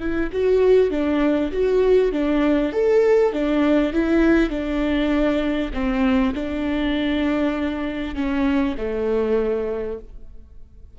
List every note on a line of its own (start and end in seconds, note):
0.00 0.30 E4
0.32 0.91 F#4
0.91 1.52 D4
1.52 2.12 F#4
2.12 2.73 D4
2.73 3.33 A4
3.33 3.93 D4
3.93 4.50 E4
4.50 5.71 D4
5.73 6.34 C4
6.34 8.15 D4
8.15 8.76 C#4
8.77 9.99 A3